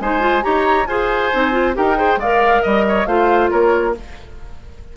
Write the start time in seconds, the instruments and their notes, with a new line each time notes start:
0.00 bassoon G#3, clarinet D#4, oboe C5, flute G#5
0.20 clarinet F4
0.43 bassoon D#4, clarinet G4, oboe C#5, flute A#5
0.87 bassoon F4, clarinet G#4, oboe C5, flute G#5
1.33 bassoon C4, clarinet D#4
1.52 clarinet F4
1.74 bassoon D#4, clarinet G4, oboe A#4, flute G5
1.96 clarinet G#4, oboe C5
2.17 bassoon G#3, oboe D5, flute F5
2.24 clarinet A#4
2.62 bassoon G3, oboe D#5, flute D#5
2.88 oboe C#5
3.06 bassoon A3, clarinet F4, oboe C5, flute F5
3.51 bassoon A#3, oboe A#4, flute C#5